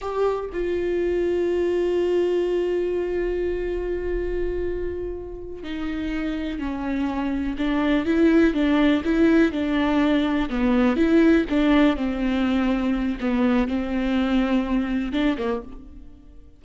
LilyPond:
\new Staff \with { instrumentName = "viola" } { \time 4/4 \tempo 4 = 123 g'4 f'2.~ | f'1~ | f'2.~ f'8 dis'8~ | dis'4. cis'2 d'8~ |
d'8 e'4 d'4 e'4 d'8~ | d'4. b4 e'4 d'8~ | d'8 c'2~ c'8 b4 | c'2. d'8 ais8 | }